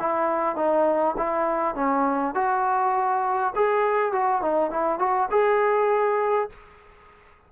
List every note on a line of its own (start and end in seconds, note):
0.00 0.56 E4
0.56 1.16 D#4
1.17 1.75 E4
1.75 2.35 C#4
2.35 3.53 F#4
3.55 4.13 G#4
4.13 4.42 F#4
4.42 4.71 D#4
4.71 4.99 E4
4.99 5.29 F#4
5.31 6.50 G#4